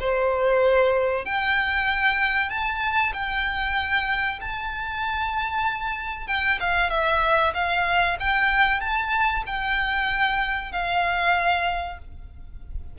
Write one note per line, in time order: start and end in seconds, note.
0.00 1.26 C5
1.26 2.50 G5
2.50 3.13 A5
3.14 4.40 G5
4.41 6.28 A5
6.28 6.59 G5
6.61 6.91 F5
6.91 7.54 E5
7.54 8.18 F5
8.20 8.81 G5
8.81 9.44 A5
9.47 10.73 G5
10.73 11.99 F5